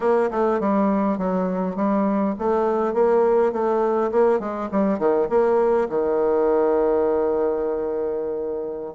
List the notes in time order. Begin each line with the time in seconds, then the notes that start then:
0.00 A#3
0.30 A3
0.60 G3
1.18 F#3
1.76 G3
2.38 A3
2.93 A#3
3.52 A3
4.11 A#3
4.39 G#3
4.71 G3
4.98 D#3
5.29 A#3
5.89 D#3